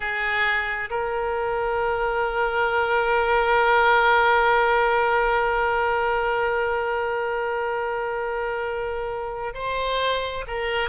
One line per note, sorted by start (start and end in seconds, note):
0.00 0.89 G#4
0.90 9.53 A#4
9.54 10.45 C5
10.47 10.89 A#4